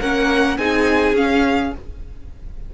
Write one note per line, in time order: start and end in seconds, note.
0.00 0.57 A#3
0.00 0.58 C#4
0.00 0.58 A#4
0.00 0.57 F#5
0.57 1.13 C4
0.57 1.15 D#4
0.57 1.74 G#4
0.57 1.15 G#5
1.13 1.71 C#4
1.13 1.73 C#4
1.13 1.74 F5